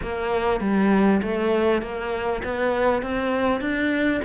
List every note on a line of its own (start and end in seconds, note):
0.02 0.60 A#3
0.60 1.21 G3
1.21 1.82 A3
1.82 2.42 A#3
2.44 3.02 B3
3.02 3.60 C4
3.60 4.21 D4